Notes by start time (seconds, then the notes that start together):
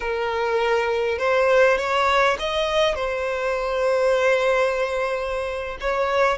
0.00 A#4
1.18 C5
1.77 C#5
2.39 D#5
2.95 C5
5.80 C#5